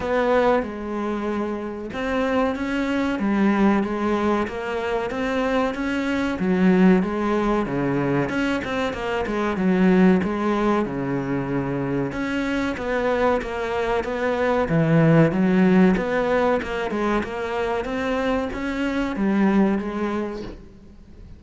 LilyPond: \new Staff \with { instrumentName = "cello" } { \time 4/4 \tempo 4 = 94 b4 gis2 c'4 | cis'4 g4 gis4 ais4 | c'4 cis'4 fis4 gis4 | cis4 cis'8 c'8 ais8 gis8 fis4 |
gis4 cis2 cis'4 | b4 ais4 b4 e4 | fis4 b4 ais8 gis8 ais4 | c'4 cis'4 g4 gis4 | }